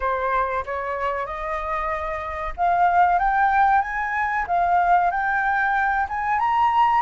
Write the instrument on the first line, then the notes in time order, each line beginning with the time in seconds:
flute
0.00 C5
0.65 C#5
1.26 D#5
2.56 F5
3.18 G5
3.81 G#5
4.47 F5
5.11 G5
6.08 G#5
6.39 A#5